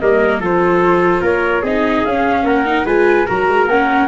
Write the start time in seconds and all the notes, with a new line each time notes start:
0.00 G3 A#3 A#4 D#5
0.40 F3 F4 A4 C5
1.22 A#3 A#4 C#5
1.62 C4 D#4 G#4 D#5
2.05 C#4 F5
2.44 A#3 A#4 F#5
2.65 D#4
2.85 G#3 F4 B4 G#5
3.27 F#3 F#4 A#4 A#5
3.49 G#3
3.67 A#3 C#4 F#5